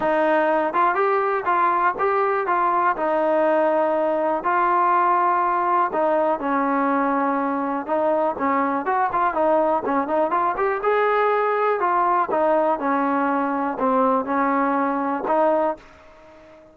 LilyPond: \new Staff \with { instrumentName = "trombone" } { \time 4/4 \tempo 4 = 122 dis'4. f'8 g'4 f'4 | g'4 f'4 dis'2~ | dis'4 f'2. | dis'4 cis'2. |
dis'4 cis'4 fis'8 f'8 dis'4 | cis'8 dis'8 f'8 g'8 gis'2 | f'4 dis'4 cis'2 | c'4 cis'2 dis'4 | }